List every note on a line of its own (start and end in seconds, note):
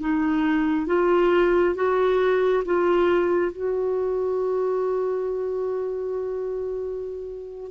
0.00 0.86 D#4
0.86 1.74 F4
1.74 2.63 F#4
2.64 3.51 F4
3.51 7.70 F#4